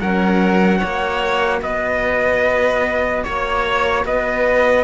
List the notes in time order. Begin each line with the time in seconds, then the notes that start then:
0.00 F#3 C#4 A#4 F#5
0.78 A#3 F#4 C#5
1.62 B3 B4 D#5
3.24 A#3 C#5
4.05 B3 B4 D#5